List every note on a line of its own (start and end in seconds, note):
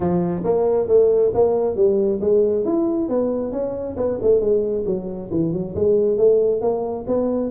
0.00 0.43 F3
0.43 0.87 A#3
0.87 1.32 A3
1.34 1.75 A#3
1.75 2.20 G3
2.20 2.64 G#3
2.64 3.08 E4
3.08 3.52 B3
3.52 3.96 C#4
3.96 4.18 B3
4.21 4.40 A3
4.40 4.84 G#3
4.85 5.30 F#3
5.30 5.52 E3
5.52 5.75 F#3
5.75 6.17 G#3
6.17 6.61 A3
6.61 7.05 A#3
7.07 7.50 B3